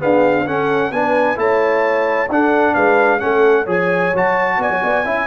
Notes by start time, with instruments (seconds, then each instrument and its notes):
0.00 trombone B3, tuba D4, horn G#4, trumpet F5
0.46 trombone C#4, tuba C#4, horn A4, trumpet F#5
0.91 tuba B3, trombone D4, horn B4, trumpet G#5
1.36 tuba A3, trombone E4, horn C#5, trumpet A5
2.29 tuba D4, trombone D4, horn A4, trumpet F#5
2.75 tuba G#3, horn B4, trumpet F5
3.20 tuba A3, trombone C#4, horn A4, trumpet F#5
3.63 tuba F3, trombone G#4, horn C#5
3.71 trumpet G#5
4.14 tuba F#3, trombone F#4, trumpet A5
4.58 tuba B3, horn D5, trumpet G#5
4.70 tuba F#3, horn C#5
4.83 tuba B3, horn D5
5.05 tuba C#4, trombone E4, horn E5